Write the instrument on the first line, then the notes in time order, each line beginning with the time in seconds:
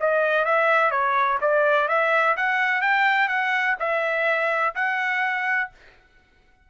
trumpet
0.00 D#5
0.45 E5
0.91 C#5
1.41 D5
1.88 E5
2.37 F#5
2.81 G5
3.28 F#5
3.79 E5
4.75 F#5